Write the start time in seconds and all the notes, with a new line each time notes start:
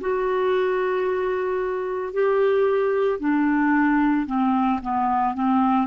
0.00 F#4
2.13 G4
3.19 D4
4.26 C4
4.81 B3
5.34 C4